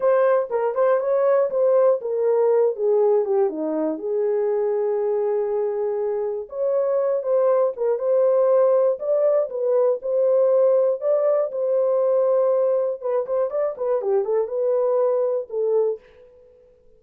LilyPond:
\new Staff \with { instrumentName = "horn" } { \time 4/4 \tempo 4 = 120 c''4 ais'8 c''8 cis''4 c''4 | ais'4. gis'4 g'8 dis'4 | gis'1~ | gis'4 cis''4. c''4 ais'8 |
c''2 d''4 b'4 | c''2 d''4 c''4~ | c''2 b'8 c''8 d''8 b'8 | g'8 a'8 b'2 a'4 | }